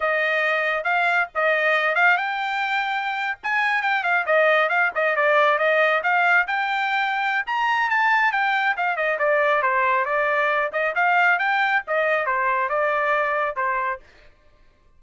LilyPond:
\new Staff \with { instrumentName = "trumpet" } { \time 4/4 \tempo 4 = 137 dis''2 f''4 dis''4~ | dis''8 f''8 g''2~ g''8. gis''16~ | gis''8. g''8 f''8 dis''4 f''8 dis''8 d''16~ | d''8. dis''4 f''4 g''4~ g''16~ |
g''4 ais''4 a''4 g''4 | f''8 dis''8 d''4 c''4 d''4~ | d''8 dis''8 f''4 g''4 dis''4 | c''4 d''2 c''4 | }